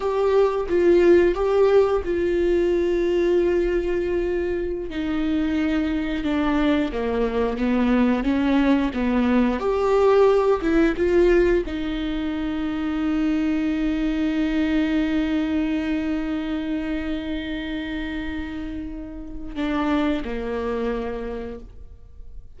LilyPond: \new Staff \with { instrumentName = "viola" } { \time 4/4 \tempo 4 = 89 g'4 f'4 g'4 f'4~ | f'2.~ f'16 dis'8.~ | dis'4~ dis'16 d'4 ais4 b8.~ | b16 cis'4 b4 g'4. e'16~ |
e'16 f'4 dis'2~ dis'8.~ | dis'1~ | dis'1~ | dis'4 d'4 ais2 | }